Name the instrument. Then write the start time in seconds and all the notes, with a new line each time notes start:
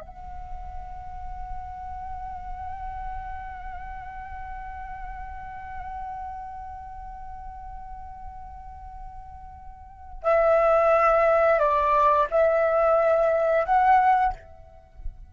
flute
0.00 F#5
10.22 E5
11.59 D5
12.30 E5
13.65 F#5